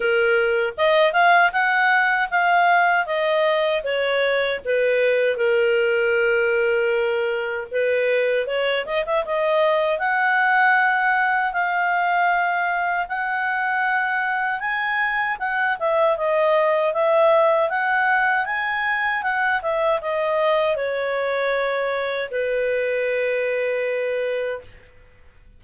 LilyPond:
\new Staff \with { instrumentName = "clarinet" } { \time 4/4 \tempo 4 = 78 ais'4 dis''8 f''8 fis''4 f''4 | dis''4 cis''4 b'4 ais'4~ | ais'2 b'4 cis''8 dis''16 e''16 | dis''4 fis''2 f''4~ |
f''4 fis''2 gis''4 | fis''8 e''8 dis''4 e''4 fis''4 | gis''4 fis''8 e''8 dis''4 cis''4~ | cis''4 b'2. | }